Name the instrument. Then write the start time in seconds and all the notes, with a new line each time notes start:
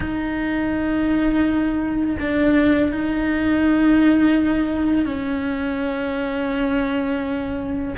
cello
0.00 D#4
2.19 D4
2.91 D#4
5.05 C#4